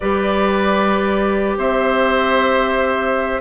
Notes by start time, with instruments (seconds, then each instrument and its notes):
0.00 bassoon G3, clarinet G4, oboe B4, flute D5
1.57 bassoon C4, oboe C5, flute E5